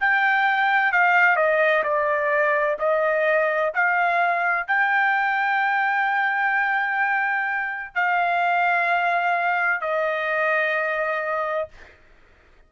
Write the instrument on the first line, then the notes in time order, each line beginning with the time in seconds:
trumpet
0.00 G5
0.92 F5
1.36 D#5
1.83 D5
2.79 D#5
3.74 F5
4.67 G5
7.95 F5
9.81 D#5